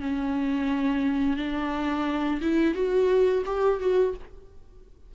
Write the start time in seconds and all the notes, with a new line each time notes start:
0.00 C#4
1.36 D4
2.40 E4
2.74 F#4
3.45 G4
3.80 F#4